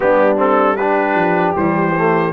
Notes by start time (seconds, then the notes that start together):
0.00 G3 B3 D4 G4
0.37 C4 A4
0.76 D4 G4 B4
1.14 F3
1.55 E3 G3 C5
1.95 A3